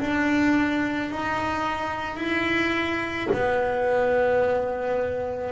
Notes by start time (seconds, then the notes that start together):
0.00 D4
1.11 D#4
2.17 E4
3.33 B3